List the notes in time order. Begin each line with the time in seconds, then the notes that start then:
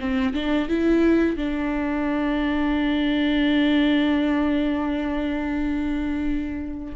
0.00 C4
0.33 D4
0.68 E4
1.36 D4